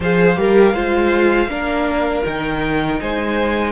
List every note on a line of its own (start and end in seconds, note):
0.00 0.36 F3
0.00 0.35 G#4
0.00 0.38 C5
0.00 2.25 F5
0.35 0.73 G3
0.35 0.73 G4
0.35 0.74 A#4
0.73 1.47 G#3
0.73 1.48 F4
0.73 1.49 C5
1.47 2.22 A#3
1.47 2.23 D4
1.47 3.01 A#4
2.24 3.00 D#3
2.24 3.72 D#4
2.24 3.00 G5
3.00 3.72 G#3
3.00 3.72 C5
3.00 3.72 G#5